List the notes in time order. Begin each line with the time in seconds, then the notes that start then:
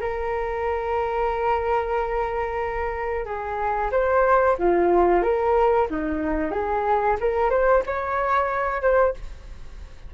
0.00 A#4
3.25 G#4
3.91 C5
4.58 F4
5.22 A#4
5.90 D#4
6.51 G#4
7.20 A#4
7.50 C5
7.86 C#5
8.81 C5